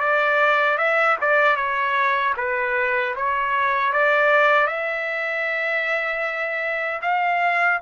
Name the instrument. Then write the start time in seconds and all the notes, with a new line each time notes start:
trumpet
0.00 D5
0.78 E5
1.21 D5
1.56 C#5
2.37 B4
3.16 C#5
3.93 D5
4.67 E5
7.02 F5